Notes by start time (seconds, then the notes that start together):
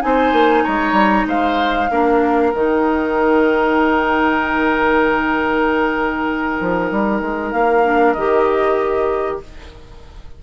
0.00 C4 D#4 C5 G#5
0.32 A#3
0.63 G#3 C#5 A#5
0.92 G3
1.27 G#3 C5 F5
1.90 A#3 D4 A#4
2.53 D#3 D#4 G5
6.60 F3
6.91 G3
7.21 G#3
7.51 A#3 F5
7.84 D4
8.13 D#3 G4 D#5